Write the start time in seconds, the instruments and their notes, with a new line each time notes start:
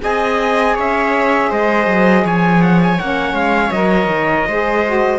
0.00 cello C4, saxophone G#4, viola D#5, trumpet G#5
0.75 cello C#4, viola C#5, trumpet E5
1.49 cello G#3, viola C5, trumpet D#5
1.87 cello F#3
2.25 cello F3, viola C#5, trumpet G#5
2.62 trumpet F#5
2.83 trumpet G#5
2.99 cello A#3, saxophone C#4, trumpet F#5
3.33 cello G#3, trumpet F5
3.72 cello F#3, saxophone A#4, trumpet D#5
4.07 cello D#3
4.48 cello G#3, saxophone G#4, viola C5
4.87 saxophone F#4